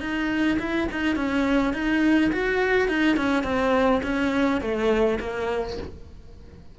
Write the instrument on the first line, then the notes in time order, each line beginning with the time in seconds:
cello
0.00 D#4
0.59 E4
0.92 D#4
1.16 C#4
1.73 D#4
2.32 F#4
2.88 D#4
3.17 C#4
3.44 C4
4.03 C#4
4.61 A3
5.20 A#3